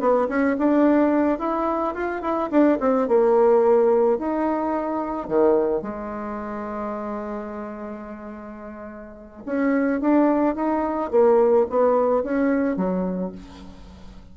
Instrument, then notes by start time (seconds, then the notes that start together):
bassoon
0.00 B3
0.29 C#4
0.59 D4
1.39 E4
1.94 F4
2.22 E4
2.51 D4
2.80 C4
3.08 A#3
4.18 D#4
5.28 D#3
5.82 G#3
9.46 C#4
10.01 D4
10.55 D#4
11.11 A#3
11.70 B3
12.23 C#4
12.77 F#3